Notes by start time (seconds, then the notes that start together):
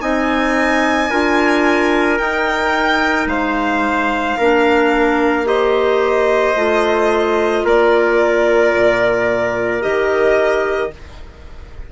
0.00 C4 D#4 D#5 G#5
1.10 D4 F4 A#4
2.18 D#4 G5
3.26 G#3 C5 F5
4.38 A#3 D4 A#4
5.45 G4 C5 D#5
6.55 A3 F4
7.64 A#3 A#4 D5
8.76 A#2
9.81 D#3 G4 D#5